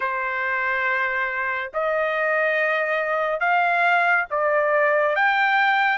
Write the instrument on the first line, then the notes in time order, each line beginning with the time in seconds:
trumpet
0.00 C5
1.73 D#5
3.40 F5
4.30 D5
5.15 G5